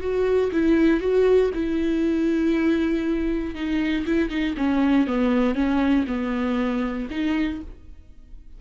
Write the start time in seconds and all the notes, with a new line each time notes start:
0.00 F#4
0.52 E4
1.00 F#4
1.54 E4
3.55 D#4
4.06 E4
4.29 D#4
4.57 C#4
5.07 B3
5.54 C#4
6.07 B3
7.10 D#4